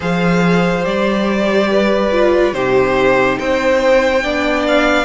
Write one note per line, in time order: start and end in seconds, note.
0.00 0.85 F3
0.00 0.83 G#4
0.00 1.69 C5
0.00 0.85 F5
0.83 2.53 G3
0.83 2.09 G4
0.83 2.53 D5
1.71 2.54 B4
2.11 2.53 F4
2.53 3.37 C3
2.53 4.22 D#4
2.53 3.38 G4
2.53 3.38 C5
3.38 4.24 C4
3.38 4.23 C5
3.38 4.65 G5
4.23 5.04 B3
4.23 5.04 D4
4.23 5.04 D5
4.67 5.04 F5